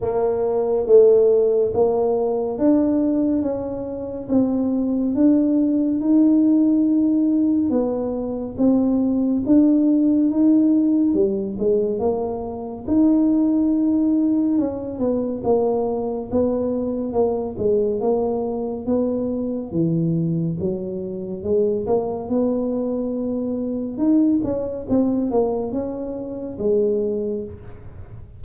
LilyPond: \new Staff \with { instrumentName = "tuba" } { \time 4/4 \tempo 4 = 70 ais4 a4 ais4 d'4 | cis'4 c'4 d'4 dis'4~ | dis'4 b4 c'4 d'4 | dis'4 g8 gis8 ais4 dis'4~ |
dis'4 cis'8 b8 ais4 b4 | ais8 gis8 ais4 b4 e4 | fis4 gis8 ais8 b2 | dis'8 cis'8 c'8 ais8 cis'4 gis4 | }